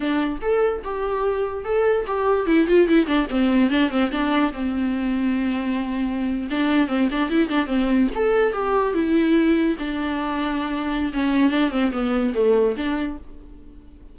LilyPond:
\new Staff \with { instrumentName = "viola" } { \time 4/4 \tempo 4 = 146 d'4 a'4 g'2 | a'4 g'4 e'8 f'8 e'8 d'8 | c'4 d'8 c'8 d'4 c'4~ | c'2.~ c'8. d'16~ |
d'8. c'8 d'8 e'8 d'8 c'4 a'16~ | a'8. g'4 e'2 d'16~ | d'2. cis'4 | d'8 c'8 b4 a4 d'4 | }